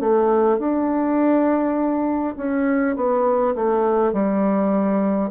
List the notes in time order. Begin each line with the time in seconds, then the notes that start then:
0.00 A3
0.58 D4
2.37 C#4
2.96 B3
3.56 A3
4.13 G3